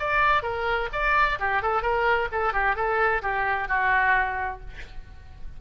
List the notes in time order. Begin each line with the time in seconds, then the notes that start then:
0.00 D5
0.43 A#4
0.93 D5
1.40 G4
1.63 A4
1.83 A#4
2.32 A4
2.53 G4
2.76 A4
3.22 G4
3.69 F#4